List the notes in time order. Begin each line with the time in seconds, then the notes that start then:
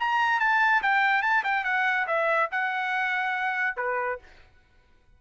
0.00 A#5
0.40 A5
0.82 G5
1.22 A5
1.44 G5
1.64 F#5
2.07 E5
2.52 F#5
3.77 B4